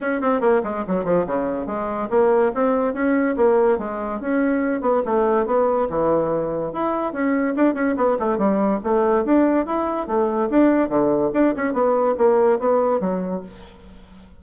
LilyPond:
\new Staff \with { instrumentName = "bassoon" } { \time 4/4 \tempo 4 = 143 cis'8 c'8 ais8 gis8 fis8 f8 cis4 | gis4 ais4 c'4 cis'4 | ais4 gis4 cis'4. b8 | a4 b4 e2 |
e'4 cis'4 d'8 cis'8 b8 a8 | g4 a4 d'4 e'4 | a4 d'4 d4 d'8 cis'8 | b4 ais4 b4 fis4 | }